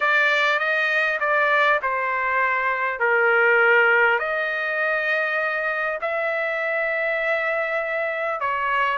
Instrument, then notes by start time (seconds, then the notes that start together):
trumpet
0.00 D5
0.59 D#5
1.19 D5
1.82 C5
2.99 A#4
4.19 D#5
6.01 E5
8.40 C#5